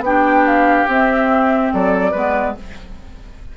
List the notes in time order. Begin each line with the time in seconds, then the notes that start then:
0.00 B3 D4 G4 G5
0.47 F5
0.88 C4 E5
1.73 F#3 A4 D5
2.11 G#3 B3 B4